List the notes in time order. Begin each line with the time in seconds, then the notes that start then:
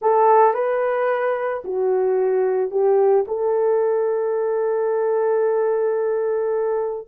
0.01 A4
0.54 B4
1.64 F#4
2.70 G4
3.27 A4